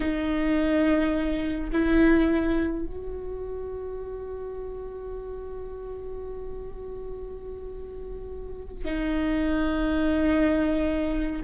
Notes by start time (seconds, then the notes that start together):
0.00 D#4
1.72 E4
2.86 F#4
8.84 D#4